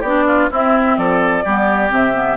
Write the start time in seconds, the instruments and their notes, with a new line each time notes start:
0.00 bassoon B3, clarinet D4, oboe G4, flute D5
0.26 oboe F4
0.51 clarinet C4, bassoon C4, oboe E4, flute E5
0.97 bassoon F3, oboe A4, flute D5
1.44 bassoon G3, clarinet B3, oboe G4
1.89 bassoon C3, clarinet C4, flute E5
2.13 clarinet B3